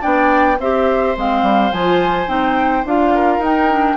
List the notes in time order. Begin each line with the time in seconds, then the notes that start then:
0.00 B3 D4 D5 G5
0.59 C4 G4 C5 E5
1.16 G#3 C4 F5
1.42 G3
1.72 F3 F4 G#5
2.26 C4 D#4 G5
2.85 D4 F4 F5
3.15 A#4
3.38 D#4 G5
3.70 D4